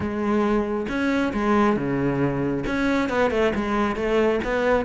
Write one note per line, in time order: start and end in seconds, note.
0.00 0.86 G#3
0.88 1.32 C#4
1.33 1.76 G#3
1.76 2.64 C#3
2.66 3.09 C#4
3.09 3.30 B3
3.30 3.52 A3
3.55 3.96 G#3
3.96 4.40 A3
4.44 4.85 B3